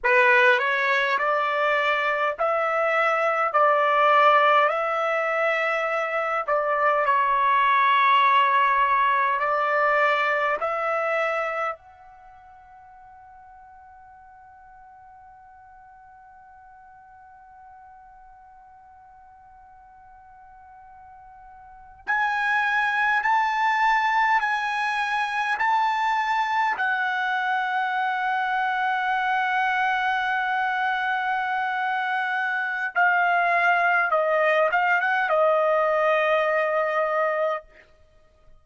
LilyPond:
\new Staff \with { instrumentName = "trumpet" } { \time 4/4 \tempo 4 = 51 b'8 cis''8 d''4 e''4 d''4 | e''4. d''8 cis''2 | d''4 e''4 fis''2~ | fis''1~ |
fis''2~ fis''8. gis''4 a''16~ | a''8. gis''4 a''4 fis''4~ fis''16~ | fis''1 | f''4 dis''8 f''16 fis''16 dis''2 | }